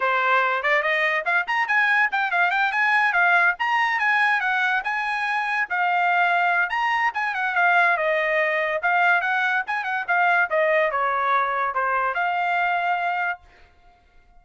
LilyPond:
\new Staff \with { instrumentName = "trumpet" } { \time 4/4 \tempo 4 = 143 c''4. d''8 dis''4 f''8 ais''8 | gis''4 g''8 f''8 g''8 gis''4 f''8~ | f''8 ais''4 gis''4 fis''4 gis''8~ | gis''4. f''2~ f''8 |
ais''4 gis''8 fis''8 f''4 dis''4~ | dis''4 f''4 fis''4 gis''8 fis''8 | f''4 dis''4 cis''2 | c''4 f''2. | }